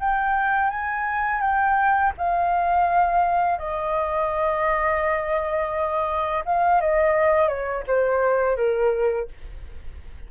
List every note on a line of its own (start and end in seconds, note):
0.00 0.70 G5
0.70 1.41 G#5
1.41 2.12 G5
2.18 3.58 F5
3.58 6.44 D#5
6.45 6.81 F5
6.81 7.48 D#5
7.48 7.84 C#5
7.87 8.56 C5
8.56 9.28 A#4